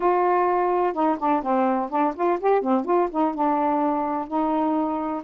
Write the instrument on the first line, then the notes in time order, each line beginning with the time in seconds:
saxophone
0.00 F4
0.93 D#4
1.18 D4
1.42 C4
1.89 D4
2.15 F4
2.40 G4
2.61 C4
2.84 F4
3.10 D#4
3.34 D4
4.27 D#4